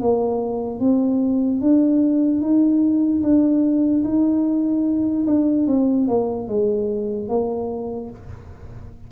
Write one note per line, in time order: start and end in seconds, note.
0.00 0.80 A#3
0.80 1.61 C4
1.61 2.41 D4
2.41 3.22 D#4
3.22 4.04 D4
4.04 5.26 D#4
5.26 5.67 D4
5.67 6.07 C4
6.07 6.48 A#3
6.48 7.28 G#3
7.28 8.09 A#3